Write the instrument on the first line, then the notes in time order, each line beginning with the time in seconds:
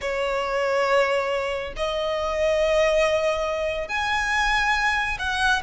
violin
0.01 C#5
1.76 D#5
3.88 G#5
5.18 F#5